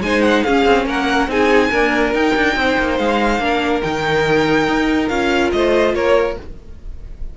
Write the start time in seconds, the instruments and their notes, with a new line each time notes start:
0.00 cello G#3, viola D#4, violin C5 G#5
0.22 violin F#5
0.43 viola C#4, cello C#4, violin G#4 F5
0.65 cello C4
0.85 cello A#3, violin A#4 F#5
1.27 cello C4, viola D#4, violin G#4 G#5
1.69 viola A#3, cello D4, violin A#4
2.13 viola D#4, cello D#4, violin G5
2.35 cello D4
2.56 cello C4, violin C5
2.78 cello A#3
2.98 cello G#3, violin F5
3.38 cello A#3, viola D4, violin A#4
3.81 cello D#3, viola D#4, violin G5
4.68 cello D#4
5.08 cello C#4, viola F4, violin F5
5.51 cello A3, violin C5 D#5
5.94 cello A#3, violin A#4 C#5